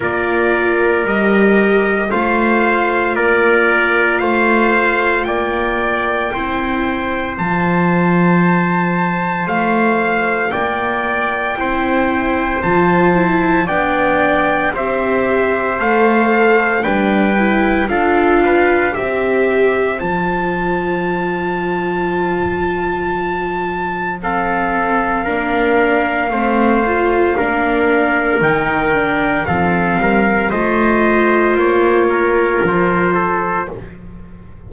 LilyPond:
<<
  \new Staff \with { instrumentName = "trumpet" } { \time 4/4 \tempo 4 = 57 d''4 dis''4 f''4 d''4 | f''4 g''2 a''4~ | a''4 f''4 g''2 | a''4 g''4 e''4 f''4 |
g''4 f''4 e''4 a''4~ | a''2. f''4~ | f''2. g''4 | f''4 dis''4 cis''4 c''4 | }
  \new Staff \with { instrumentName = "trumpet" } { \time 4/4 ais'2 c''4 ais'4 | c''4 d''4 c''2~ | c''2 d''4 c''4~ | c''4 d''4 c''2 |
b'4 a'8 b'8 c''2~ | c''2. a'4 | ais'4 c''4 ais'2 | a'8 ais'8 c''4. ais'4 a'8 | }
  \new Staff \with { instrumentName = "viola" } { \time 4/4 f'4 g'4 f'2~ | f'2 e'4 f'4~ | f'2. e'4 | f'8 e'8 d'4 g'4 a'4 |
d'8 e'8 f'4 g'4 f'4~ | f'2. c'4 | d'4 c'8 f'8 d'4 dis'8 d'8 | c'4 f'2. | }
  \new Staff \with { instrumentName = "double bass" } { \time 4/4 ais4 g4 a4 ais4 | a4 ais4 c'4 f4~ | f4 a4 ais4 c'4 | f4 b4 c'4 a4 |
g4 d'4 c'4 f4~ | f1 | ais4 a4 ais4 dis4 | f8 g8 a4 ais4 f4 | }
>>